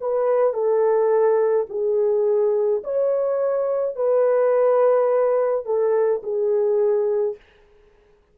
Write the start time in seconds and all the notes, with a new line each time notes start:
0.00 B4
0.54 A4
1.69 G#4
2.84 C#5
3.96 B4
5.65 A4
6.23 G#4